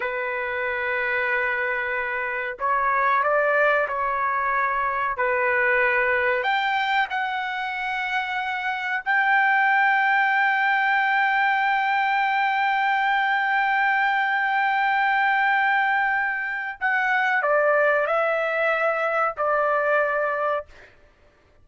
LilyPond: \new Staff \with { instrumentName = "trumpet" } { \time 4/4 \tempo 4 = 93 b'1 | cis''4 d''4 cis''2 | b'2 g''4 fis''4~ | fis''2 g''2~ |
g''1~ | g''1~ | g''2 fis''4 d''4 | e''2 d''2 | }